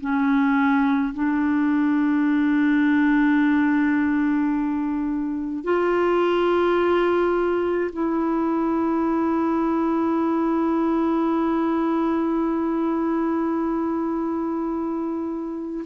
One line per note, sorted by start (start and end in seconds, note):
0.00 1.13 C#4
1.14 5.64 D4
5.64 7.90 F4
7.92 15.84 E4